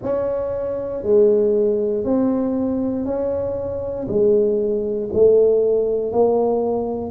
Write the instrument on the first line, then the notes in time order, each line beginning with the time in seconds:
tuba
0.02 C#4
1.02 G#3
2.04 C4
3.05 C#4
4.07 G#3
5.13 A3
6.12 A#3